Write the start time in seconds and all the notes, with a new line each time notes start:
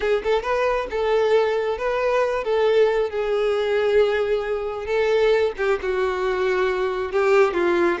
0.00 G#4
0.23 A4
0.42 B4
0.90 A4
1.78 B4
2.43 A4
3.10 G#4
4.85 A4
5.57 G4
5.82 F#4
7.12 G4
7.53 F4